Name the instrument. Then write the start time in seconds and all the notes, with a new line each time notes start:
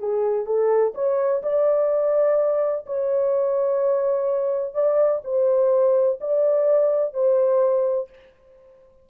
horn
0.00 G#4
0.46 A4
0.95 C#5
1.43 D5
2.87 C#5
4.74 D5
5.24 C5
6.21 D5
7.14 C5